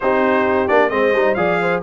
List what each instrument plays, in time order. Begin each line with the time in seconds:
0.00 tuba C4, trombone D#4, horn G4, trumpet C5
0.68 tuba A#3, trombone D4, trumpet D5
0.89 tuba G#3, trombone C4, horn C5, trumpet D#5
1.13 tuba G3, trombone D#4
1.34 tuba F3, trombone G#4, horn D5, trumpet F5
1.61 horn C5